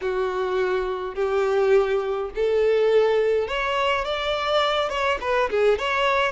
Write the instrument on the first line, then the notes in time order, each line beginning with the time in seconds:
violin
0.01 F#4
1.15 G4
2.35 A4
3.47 C#5
4.04 D5
4.89 C#5
5.20 B4
5.50 G#4
5.78 C#5